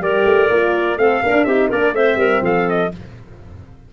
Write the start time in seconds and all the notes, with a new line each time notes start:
0.00 G3 G4 A#4 D5
0.25 A3
0.50 A#3 F4
0.97 A3 C4 A4 F5
1.22 A#3 D4 A#4
1.32 D4
1.44 C4 D#4 G4 E5
1.69 A#3 D4 A#4 D5
1.92 A3 C4 C5 E5
2.16 G3 A#4
2.42 F3 A4 F5
2.69 D#5